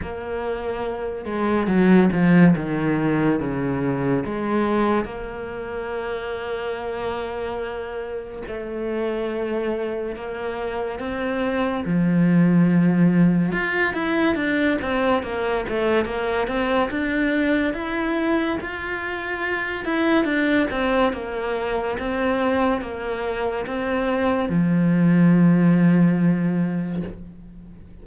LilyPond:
\new Staff \with { instrumentName = "cello" } { \time 4/4 \tempo 4 = 71 ais4. gis8 fis8 f8 dis4 | cis4 gis4 ais2~ | ais2 a2 | ais4 c'4 f2 |
f'8 e'8 d'8 c'8 ais8 a8 ais8 c'8 | d'4 e'4 f'4. e'8 | d'8 c'8 ais4 c'4 ais4 | c'4 f2. | }